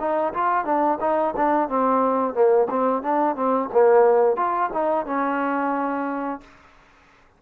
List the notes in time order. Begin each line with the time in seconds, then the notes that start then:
0.00 D#4
0.34 F4
0.65 D4
1.01 D#4
1.37 D4
1.69 C4
2.34 A#3
2.70 C4
3.03 D4
3.36 C4
3.73 A#3
4.37 F4
4.73 D#4
5.06 C#4